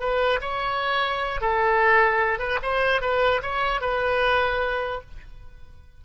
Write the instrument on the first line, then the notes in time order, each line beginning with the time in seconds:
oboe
0.00 B4
0.42 C#5
1.41 A4
2.39 B4
2.63 C5
3.02 B4
3.43 C#5
3.81 B4